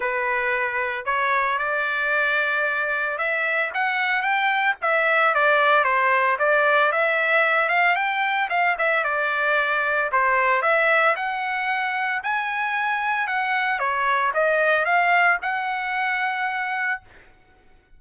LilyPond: \new Staff \with { instrumentName = "trumpet" } { \time 4/4 \tempo 4 = 113 b'2 cis''4 d''4~ | d''2 e''4 fis''4 | g''4 e''4 d''4 c''4 | d''4 e''4. f''8 g''4 |
f''8 e''8 d''2 c''4 | e''4 fis''2 gis''4~ | gis''4 fis''4 cis''4 dis''4 | f''4 fis''2. | }